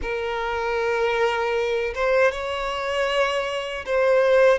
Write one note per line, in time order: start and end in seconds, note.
0.01 1.94 A#4
1.94 2.31 C5
2.31 3.85 C#5
3.85 4.58 C5